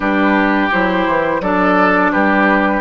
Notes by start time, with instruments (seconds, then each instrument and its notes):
0.00 bassoon G3, clarinet D4, oboe G4, flute B4
0.71 bassoon F#3, clarinet E4, flute C5
1.07 bassoon E3
1.41 bassoon F#3, clarinet D4, oboe A4, flute D5
2.12 bassoon G3, oboe G4, flute B4